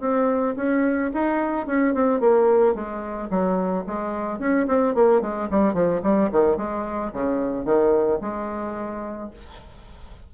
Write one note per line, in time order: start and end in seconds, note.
0.00 0.55 C4
0.56 1.11 C#4
1.14 1.66 D#4
1.66 1.94 C#4
1.94 2.20 C4
2.20 2.74 A#3
2.74 3.29 G#3
3.30 3.84 F#3
3.86 4.39 G#3
4.39 4.66 C#4
4.67 4.94 C4
4.94 5.21 A#3
5.21 5.48 G#3
5.50 5.73 G3
5.73 6.00 F3
6.02 6.30 G3
6.31 6.57 D#3
6.57 7.11 G#3
7.13 7.65 C#3
7.65 8.19 D#3
8.21 9.30 G#3